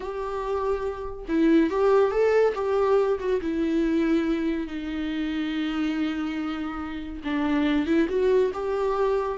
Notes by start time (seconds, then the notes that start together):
0.00 G4
1.28 E4
1.70 G4
2.11 A4
2.55 G4
3.19 F#4
3.41 E4
4.67 D#4
7.24 D4
7.86 E4
8.09 F#4
8.53 G4